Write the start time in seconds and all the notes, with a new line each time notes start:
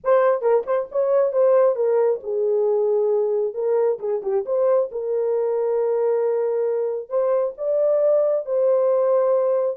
0.04 C5
0.41 A#4
0.66 C5
0.91 C#5
1.32 C5
1.75 A#4
2.23 G#4
3.54 A#4
3.99 G#4
4.22 G4
4.45 C5
4.91 A#4
7.09 C5
7.57 D5
8.45 C5